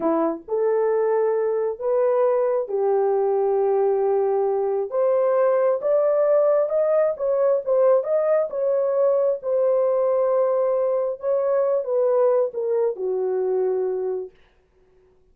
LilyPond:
\new Staff \with { instrumentName = "horn" } { \time 4/4 \tempo 4 = 134 e'4 a'2. | b'2 g'2~ | g'2. c''4~ | c''4 d''2 dis''4 |
cis''4 c''4 dis''4 cis''4~ | cis''4 c''2.~ | c''4 cis''4. b'4. | ais'4 fis'2. | }